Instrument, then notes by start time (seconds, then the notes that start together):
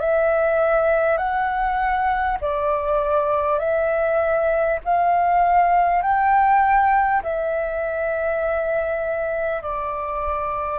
flute
0.00 E5
1.18 F#5
2.41 D5
3.59 E5
4.85 F5
6.02 G5
7.23 E5
9.63 D5